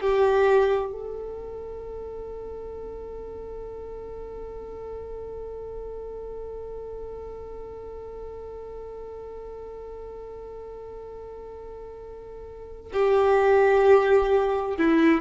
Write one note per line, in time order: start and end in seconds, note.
0.00 0.92 G4
0.92 12.92 A4
12.92 14.77 G4
14.77 15.21 E4